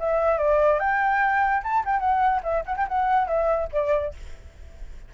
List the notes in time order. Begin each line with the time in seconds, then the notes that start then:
0.00 E5
0.38 D5
0.80 G5
1.63 A5
1.86 G5
2.00 F#5
2.43 E5
2.66 F#5
2.77 G5
2.89 F#5
3.28 E5
3.73 D5